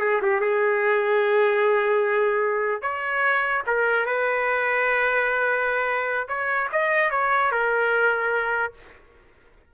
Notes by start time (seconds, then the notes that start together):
0.00 G#4
0.22 G4
0.41 G#4
2.82 C#5
3.67 A#4
4.05 B4
6.28 C#5
6.72 D#5
7.11 C#5
7.51 A#4